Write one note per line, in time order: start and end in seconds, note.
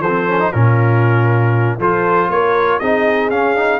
0.00 0.50 F3
0.00 0.51 A4
0.00 0.52 C5
0.07 0.29 C4
0.29 0.40 C#4
0.40 0.53 D#4
0.52 1.78 A#2
0.52 1.79 C#4
0.52 1.78 F4
0.52 1.78 A#4
1.78 2.28 F3
1.78 2.81 F4
1.78 2.29 A4
1.78 2.30 C5
2.29 2.79 A#3
2.29 2.80 A#4
2.29 2.80 C#5
2.80 3.30 C4
2.80 3.31 D#4
2.80 3.80 G#4
2.80 3.30 D#5
3.30 3.80 C#4
3.30 3.56 C#4
3.30 3.80 F5
3.56 3.80 D#4